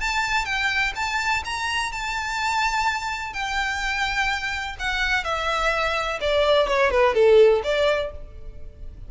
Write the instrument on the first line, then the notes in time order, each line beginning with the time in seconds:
violin
0.00 A5
0.45 G5
0.96 A5
1.45 A#5
1.92 A5
3.33 G5
4.79 F#5
5.24 E5
6.21 D5
6.68 C#5
6.91 B4
7.14 A4
7.63 D5